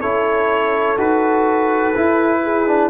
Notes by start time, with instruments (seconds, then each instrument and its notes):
0.00 tuba C#4, trombone E4, horn A4, trumpet C#5
0.97 tuba D#4, trombone F#4, trumpet B4
1.96 trombone E4, tuba E4
2.43 horn G#4
2.67 trombone D4